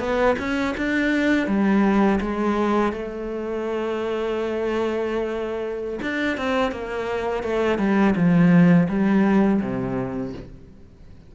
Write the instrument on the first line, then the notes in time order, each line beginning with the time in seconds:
cello
0.00 B3
0.39 C#4
0.78 D4
1.48 G3
2.21 G#3
2.93 A3
6.02 D4
6.37 C4
6.72 A#3
7.44 A3
7.79 G3
8.16 F3
8.89 G3
9.61 C3